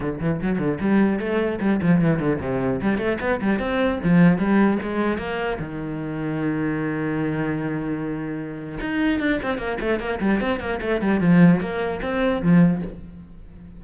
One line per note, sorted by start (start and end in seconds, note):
0.00 0.19 D3
0.20 0.40 E3
0.42 0.58 F#3
0.58 0.78 D3
0.80 1.19 G3
1.19 1.59 A3
1.60 1.80 G3
1.82 2.00 F3
2.00 2.19 E3
2.19 2.39 D3
2.40 2.80 C3
2.81 2.98 G3
2.98 3.18 A3
3.20 3.40 B3
3.41 3.59 G3
3.59 3.99 C4
4.03 4.38 F3
4.38 4.78 G3
4.82 5.18 G#3
5.18 5.58 A#3
5.59 8.79 D#3
8.80 9.19 D#4
9.19 9.39 D4
9.42 9.58 C4
9.58 9.78 A#3
9.80 9.99 A3
9.99 10.19 A#3
10.20 10.40 G3
10.40 10.60 C4
10.60 10.80 A#3
10.81 11.01 A3
11.01 11.20 G3
11.20 11.60 F3
11.60 12.00 A#3
12.02 12.42 C4
12.42 12.82 F3